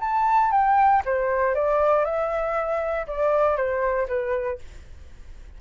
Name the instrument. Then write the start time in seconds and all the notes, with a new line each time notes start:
flute
0.00 A5
0.51 G5
1.05 C5
1.54 D5
2.05 E5
3.07 D5
3.56 C5
4.08 B4